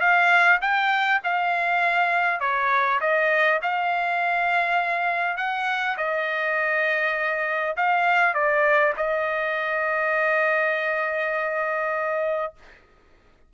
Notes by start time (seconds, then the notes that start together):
0.00 F5
0.61 G5
1.23 F5
2.40 C#5
3.00 D#5
3.62 F5
5.37 F#5
5.97 D#5
7.76 F5
8.34 D5
8.96 D#5